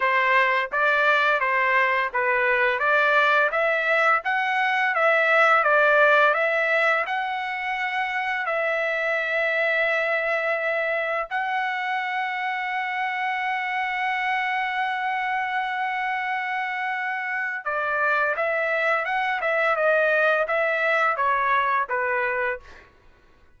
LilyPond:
\new Staff \with { instrumentName = "trumpet" } { \time 4/4 \tempo 4 = 85 c''4 d''4 c''4 b'4 | d''4 e''4 fis''4 e''4 | d''4 e''4 fis''2 | e''1 |
fis''1~ | fis''1~ | fis''4 d''4 e''4 fis''8 e''8 | dis''4 e''4 cis''4 b'4 | }